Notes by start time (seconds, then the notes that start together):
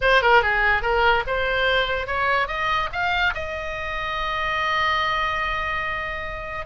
0.01 C5
0.22 A#4
0.42 G#4
0.81 A#4
1.27 C5
2.07 C#5
2.47 D#5
2.92 F5
3.34 D#5